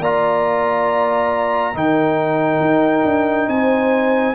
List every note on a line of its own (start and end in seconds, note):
0.00 1.74 A#3
0.00 1.74 F4
0.00 1.74 D5
0.00 1.77 A#5
1.74 2.60 D#3
1.74 4.35 D#4
1.74 3.50 A#4
1.74 3.49 G5
2.60 3.04 D#4
3.04 3.48 D4
3.48 4.35 C4
3.48 4.35 C5
3.48 4.35 G#5